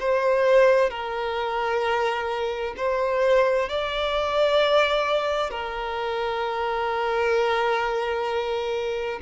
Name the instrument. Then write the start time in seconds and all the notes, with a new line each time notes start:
violin
0.00 C5
0.90 A#4
2.77 C5
3.69 D5
5.50 A#4